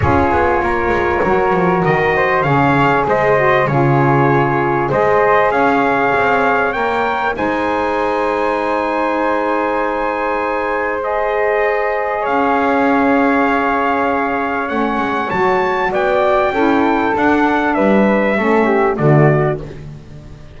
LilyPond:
<<
  \new Staff \with { instrumentName = "trumpet" } { \time 4/4 \tempo 4 = 98 cis''2. dis''4 | f''4 dis''4 cis''2 | dis''4 f''2 g''4 | gis''1~ |
gis''2 dis''2 | f''1 | fis''4 a''4 g''2 | fis''4 e''2 d''4 | }
  \new Staff \with { instrumentName = "flute" } { \time 4/4 gis'4 ais'2~ ais'8 c''8 | cis''4 c''4 gis'2 | c''4 cis''2. | c''1~ |
c''1 | cis''1~ | cis''2 d''4 a'4~ | a'4 b'4 a'8 g'8 fis'4 | }
  \new Staff \with { instrumentName = "saxophone" } { \time 4/4 f'2 fis'2 | gis'4. fis'8 f'2 | gis'2. ais'4 | dis'1~ |
dis'2 gis'2~ | gis'1 | cis'4 fis'2 e'4 | d'2 cis'4 a4 | }
  \new Staff \with { instrumentName = "double bass" } { \time 4/4 cis'8 b8 ais8 gis8 fis8 f8 dis4 | cis4 gis4 cis2 | gis4 cis'4 c'4 ais4 | gis1~ |
gis1 | cis'1 | a8 gis8 fis4 b4 cis'4 | d'4 g4 a4 d4 | }
>>